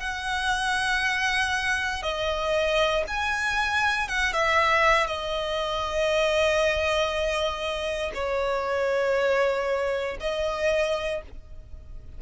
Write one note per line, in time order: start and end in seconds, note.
0.00 2.03 F#5
2.03 3.05 D#5
3.08 4.09 G#5
4.09 4.34 F#5
4.34 5.07 E5
5.07 8.12 D#5
8.14 10.18 C#5
10.21 11.22 D#5